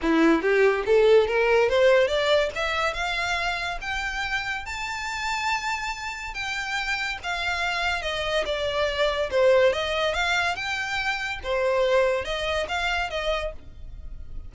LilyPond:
\new Staff \with { instrumentName = "violin" } { \time 4/4 \tempo 4 = 142 e'4 g'4 a'4 ais'4 | c''4 d''4 e''4 f''4~ | f''4 g''2 a''4~ | a''2. g''4~ |
g''4 f''2 dis''4 | d''2 c''4 dis''4 | f''4 g''2 c''4~ | c''4 dis''4 f''4 dis''4 | }